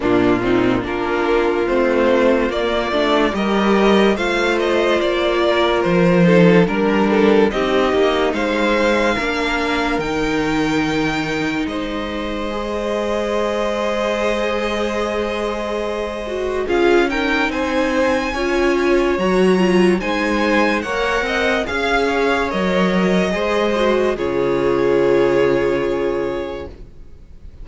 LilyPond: <<
  \new Staff \with { instrumentName = "violin" } { \time 4/4 \tempo 4 = 72 f'4 ais'4 c''4 d''4 | dis''4 f''8 dis''8 d''4 c''4 | ais'4 dis''4 f''2 | g''2 dis''2~ |
dis''1 | f''8 g''8 gis''2 ais''4 | gis''4 fis''4 f''4 dis''4~ | dis''4 cis''2. | }
  \new Staff \with { instrumentName = "violin" } { \time 4/4 d'8 dis'8 f'2. | ais'4 c''4. ais'4 a'8 | ais'8 a'8 g'4 c''4 ais'4~ | ais'2 c''2~ |
c''1 | gis'8 ais'8 c''4 cis''2 | c''4 cis''8 dis''8 f''8 cis''4. | c''4 gis'2. | }
  \new Staff \with { instrumentName = "viola" } { \time 4/4 ais8 c'8 d'4 c'4 ais8 d'8 | g'4 f'2~ f'8 dis'8 | d'4 dis'2 d'4 | dis'2. gis'4~ |
gis'2.~ gis'8 fis'8 | f'8 dis'4. f'4 fis'8 f'8 | dis'4 ais'4 gis'4 ais'4 | gis'8 fis'8 f'2. | }
  \new Staff \with { instrumentName = "cello" } { \time 4/4 ais,4 ais4 a4 ais8 a8 | g4 a4 ais4 f4 | g4 c'8 ais8 gis4 ais4 | dis2 gis2~ |
gis1 | cis'4 c'4 cis'4 fis4 | gis4 ais8 c'8 cis'4 fis4 | gis4 cis2. | }
>>